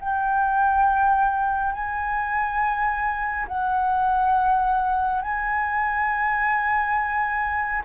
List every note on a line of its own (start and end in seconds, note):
0.00 1.73 G5
1.73 3.47 G#5
3.48 5.22 F#5
5.22 7.83 G#5